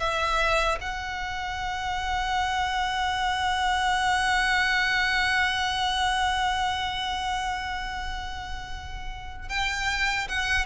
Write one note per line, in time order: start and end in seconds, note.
0.00 0.79 E5
0.81 9.50 F#5
9.50 10.28 G5
10.29 10.66 F#5